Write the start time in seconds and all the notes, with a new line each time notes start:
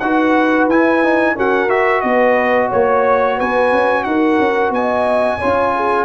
0.00 D#4 F#4 B4 F#5
0.68 E4 G#5
1.03 D#4
1.35 C#4 F#4 A#4 F#5
1.70 F#4 E5
2.02 B3 B4 D#5
2.69 A#3 C#5
3.36 B3 B4 G#5
3.73 C#4
4.04 D#4 A#4 F#5
4.39 C#4
4.71 B3 D#5 G#5
5.39 C#4 F4 C#5
5.76 G#4